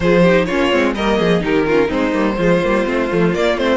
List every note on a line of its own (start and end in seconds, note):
0.00 0.46 F3
0.00 0.25 F4
0.00 0.22 G#4
0.00 0.45 C5
0.22 0.49 D#4
0.22 0.45 G4
0.45 0.73 A#3
0.45 0.72 C#4
0.45 0.94 F4
0.45 0.92 C#5
0.72 0.95 G#3
0.72 0.95 C4
0.95 1.19 G3
0.95 1.40 A#3
0.95 1.19 A#4
0.95 1.42 D#5
1.19 1.42 F3
1.19 1.42 G#4
1.40 1.89 D#3
1.40 1.64 D#4
1.40 1.66 G4
1.40 1.91 A#4
1.66 1.88 C#4
1.66 1.87 F4
1.87 2.13 G#3
1.87 2.12 C4
1.87 2.35 D#4
1.87 3.34 C5
2.12 2.37 G3
2.12 2.36 A#3
2.37 2.61 F3
2.37 2.61 G#3
2.37 3.77 F4
2.63 2.86 G3
2.63 2.85 A#3
2.85 3.10 A3
2.85 3.08 C4
3.10 3.35 F3
3.10 3.33 A3
3.33 3.57 A#3
3.33 3.57 D5
3.57 3.77 A3
3.57 3.77 C4
3.57 3.77 C5